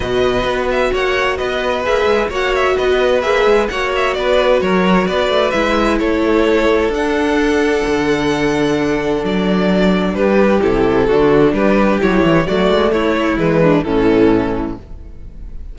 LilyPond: <<
  \new Staff \with { instrumentName = "violin" } { \time 4/4 \tempo 4 = 130 dis''4. e''8 fis''4 dis''4 | e''4 fis''8 e''8 dis''4 e''4 | fis''8 e''8 d''4 cis''4 d''4 | e''4 cis''2 fis''4~ |
fis''1 | d''2 b'4 a'4~ | a'4 b'4 cis''4 d''4 | cis''4 b'4 a'2 | }
  \new Staff \with { instrumentName = "violin" } { \time 4/4 b'2 cis''4 b'4~ | b'4 cis''4 b'2 | cis''4 b'4 ais'4 b'4~ | b'4 a'2.~ |
a'1~ | a'2 g'2 | fis'4 g'2 fis'4 | e'4. d'8 cis'2 | }
  \new Staff \with { instrumentName = "viola" } { \time 4/4 fis'1 | gis'4 fis'2 gis'4 | fis'1 | e'2. d'4~ |
d'1~ | d'2. e'4 | d'2 e'4 a4~ | a4 gis4 e2 | }
  \new Staff \with { instrumentName = "cello" } { \time 4/4 b,4 b4 ais4 b4 | ais8 gis8 ais4 b4 ais8 gis8 | ais4 b4 fis4 b8 a8 | gis4 a2 d'4~ |
d'4 d2. | fis2 g4 c4 | d4 g4 fis8 e8 fis8 gis8 | a4 e4 a,2 | }
>>